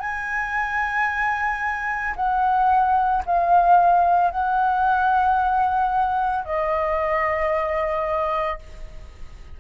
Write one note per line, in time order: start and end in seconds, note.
0.00 2.14 G#5
2.16 3.23 F#5
3.26 4.31 F5
4.31 6.45 F#5
6.45 8.59 D#5